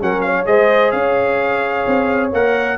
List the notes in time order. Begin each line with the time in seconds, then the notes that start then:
0.00 F#3 C#4 A#4 F#5
0.21 C#5 F5
0.46 G#3 G#4 C5 D#5
0.91 C#4 C#5 F5
1.87 C4
2.33 A#3 A#4 F#5